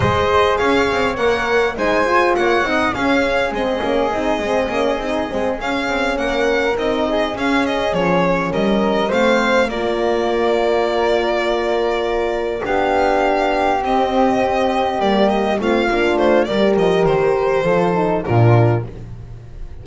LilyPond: <<
  \new Staff \with { instrumentName = "violin" } { \time 4/4 \tempo 4 = 102 dis''4 f''4 fis''4 gis''4 | fis''4 f''4 dis''2~ | dis''4. f''4 fis''4 dis''8~ | dis''8 f''8 dis''8 cis''4 dis''4 f''8~ |
f''8 d''2.~ d''8~ | d''4. f''2 dis''8~ | dis''4. d''8 dis''8 f''4 c''8 | d''8 dis''8 c''2 ais'4 | }
  \new Staff \with { instrumentName = "flute" } { \time 4/4 c''4 cis''2 c''4 | cis''8 dis''8 gis'2.~ | gis'2~ gis'8 ais'4. | gis'2~ gis'8 ais'4 c''8~ |
c''8 ais'2.~ ais'8~ | ais'4. g'2~ g'8~ | g'2~ g'8 f'4. | ais'2 a'4 f'4 | }
  \new Staff \with { instrumentName = "horn" } { \time 4/4 gis'2 ais'4 dis'8 f'8~ | f'8 dis'8 cis'4 c'8 cis'8 dis'8 c'8 | cis'8 dis'8 c'8 cis'2 dis'8~ | dis'8 cis'2. c'8~ |
c'8 f'2.~ f'8~ | f'4. d'2 c'8~ | c'4. ais4 c'8 d'4 | g'2 f'8 dis'8 d'4 | }
  \new Staff \with { instrumentName = "double bass" } { \time 4/4 gis4 cis'8 c'8 ais4 gis4 | ais8 c'8 cis'4 gis8 ais8 c'8 gis8 | ais8 c'8 gis8 cis'8 c'8 ais4 c'8~ | c'8 cis'4 f4 g4 a8~ |
a8 ais2.~ ais8~ | ais4. b2 c'8~ | c'4. g4 a8 ais8 a8 | g8 f8 dis4 f4 ais,4 | }
>>